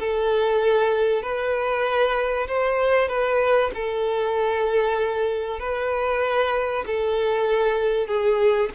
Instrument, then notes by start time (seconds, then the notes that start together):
violin
0.00 A4
1.23 B4
2.48 C5
3.09 B4
3.75 A4
5.60 B4
6.87 A4
8.08 G#4